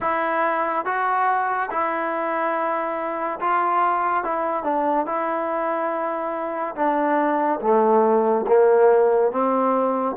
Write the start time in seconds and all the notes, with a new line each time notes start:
0.00 E4
0.85 F#4
1.70 E4
3.40 F4
4.24 E4
4.63 D4
5.06 E4
6.75 D4
7.61 A3
8.47 A#3
9.31 C4